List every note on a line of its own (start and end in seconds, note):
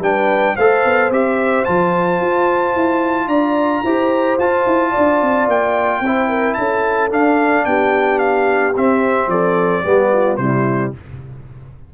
0.00 0.55 G3
0.00 0.57 D4
0.00 0.55 B4
0.00 0.56 G5
0.56 0.85 A3
0.56 1.12 A4
0.56 3.28 C5
0.56 1.11 F5
0.85 1.10 B3
1.10 1.64 C4
1.10 1.66 G4
1.10 1.65 E5
1.65 2.21 F3
1.65 3.85 F4
1.65 3.28 A5
2.21 2.75 F4
2.75 3.27 E4
3.27 3.81 D4
3.27 3.82 D5
3.27 4.37 A#5
3.83 4.38 E4
3.83 4.40 G4
3.83 4.91 C5
4.38 4.66 F4
4.38 6.04 F4
4.38 5.49 A5
4.66 4.93 E4
4.91 6.00 D5
4.97 5.22 D4
5.22 5.48 C4
5.48 6.01 A#3
5.48 6.54 G5
6.01 6.55 C4
6.01 7.10 E4
6.01 6.29 C5
6.29 6.56 A#4
6.54 7.10 C#4
6.54 7.67 A4
6.54 7.09 A5
7.10 8.74 D4
7.10 7.65 D4
7.10 7.65 F5
7.65 8.75 B3
7.65 9.30 G4
7.65 8.19 G5
8.19 8.73 F5
8.76 9.28 C4
8.76 9.84 C4
8.76 9.30 E5
9.28 9.82 F3
9.28 9.84 A4
9.28 10.37 D5
9.84 10.38 G3
9.84 10.39 B3
9.84 10.11 G4
10.13 10.40 F4
10.37 10.92 C3
10.37 10.94 G3
10.37 10.94 E4
10.37 10.91 C5